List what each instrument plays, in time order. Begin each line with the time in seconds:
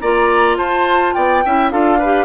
0.00 bassoon A#3, clarinet F4, oboe D5, flute A#5
0.57 bassoon F4, oboe C5, flute A5
1.13 bassoon B3, oboe D5, flute G5
1.45 bassoon C#4, clarinet E4, oboe E5
1.71 bassoon D4, clarinet F4, oboe A4, flute F5
1.98 clarinet G4, oboe B4